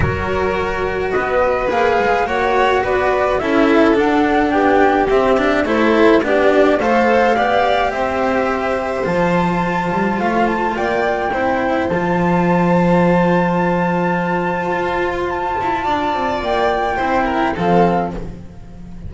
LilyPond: <<
  \new Staff \with { instrumentName = "flute" } { \time 4/4 \tempo 4 = 106 cis''2 dis''4 f''4 | fis''4 d''4 e''4 fis''4 | g''4 e''4 c''4 d''4 | f''2 e''2 |
a''2 f''8 a''8 g''4~ | g''4 a''2.~ | a''2~ a''8. c'''16 a''4~ | a''4 g''2 f''4 | }
  \new Staff \with { instrumentName = "violin" } { \time 4/4 ais'2 b'2 | cis''4 b'4 a'2 | g'2 a'4 g'4 | c''4 d''4 c''2~ |
c''2. d''4 | c''1~ | c''1 | d''2 c''8 ais'8 a'4 | }
  \new Staff \with { instrumentName = "cello" } { \time 4/4 fis'2. gis'4 | fis'2 e'4 d'4~ | d'4 c'8 d'8 e'4 d'4 | a'4 g'2. |
f'1 | e'4 f'2.~ | f'1~ | f'2 e'4 c'4 | }
  \new Staff \with { instrumentName = "double bass" } { \time 4/4 fis2 b4 ais8 gis8 | ais4 b4 cis'4 d'4 | b4 c'4 a4 b4 | a4 b4 c'2 |
f4. g8 a4 ais4 | c'4 f2.~ | f2 f'4. e'8 | d'8 c'8 ais4 c'4 f4 | }
>>